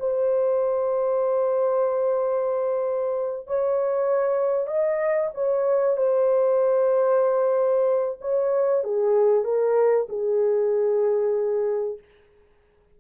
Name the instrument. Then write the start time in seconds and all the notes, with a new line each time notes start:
horn
0.00 C5
3.47 C#5
4.67 D#5
5.35 C#5
5.97 C5
8.21 C#5
8.84 G#4
9.44 A#4
10.09 G#4